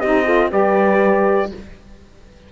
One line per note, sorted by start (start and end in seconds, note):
0.00 0.52 C4
0.00 0.25 D#4
0.00 0.25 G4
0.00 0.50 D#5
0.25 0.50 F4
0.25 0.50 A4
0.51 1.52 G3
0.51 1.51 G4
0.51 1.51 B4
0.51 1.52 D5